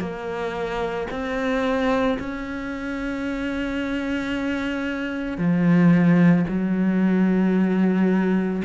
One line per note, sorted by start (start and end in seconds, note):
0.00 1.07 A#3
1.11 2.18 C4
2.19 5.38 C#4
5.38 6.45 F3
6.48 8.62 F#3